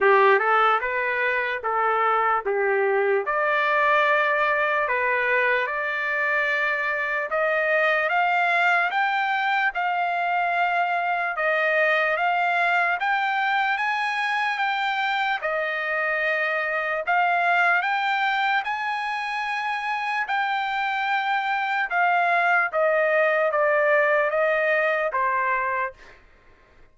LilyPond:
\new Staff \with { instrumentName = "trumpet" } { \time 4/4 \tempo 4 = 74 g'8 a'8 b'4 a'4 g'4 | d''2 b'4 d''4~ | d''4 dis''4 f''4 g''4 | f''2 dis''4 f''4 |
g''4 gis''4 g''4 dis''4~ | dis''4 f''4 g''4 gis''4~ | gis''4 g''2 f''4 | dis''4 d''4 dis''4 c''4 | }